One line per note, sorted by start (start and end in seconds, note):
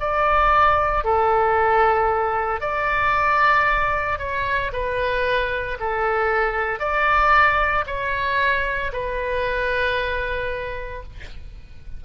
0.00 1.04 D5
1.04 2.61 A4
2.61 4.19 D5
4.19 4.72 C#5
4.73 5.78 B4
5.80 6.80 A4
6.80 7.85 D5
7.87 8.92 C#5
8.93 11.04 B4